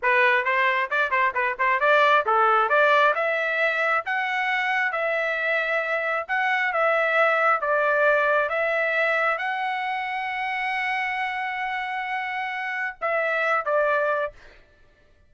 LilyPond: \new Staff \with { instrumentName = "trumpet" } { \time 4/4 \tempo 4 = 134 b'4 c''4 d''8 c''8 b'8 c''8 | d''4 a'4 d''4 e''4~ | e''4 fis''2 e''4~ | e''2 fis''4 e''4~ |
e''4 d''2 e''4~ | e''4 fis''2.~ | fis''1~ | fis''4 e''4. d''4. | }